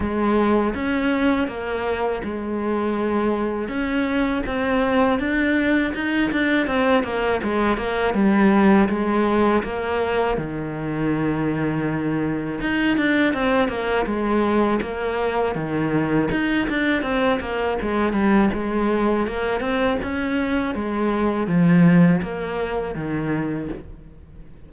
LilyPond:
\new Staff \with { instrumentName = "cello" } { \time 4/4 \tempo 4 = 81 gis4 cis'4 ais4 gis4~ | gis4 cis'4 c'4 d'4 | dis'8 d'8 c'8 ais8 gis8 ais8 g4 | gis4 ais4 dis2~ |
dis4 dis'8 d'8 c'8 ais8 gis4 | ais4 dis4 dis'8 d'8 c'8 ais8 | gis8 g8 gis4 ais8 c'8 cis'4 | gis4 f4 ais4 dis4 | }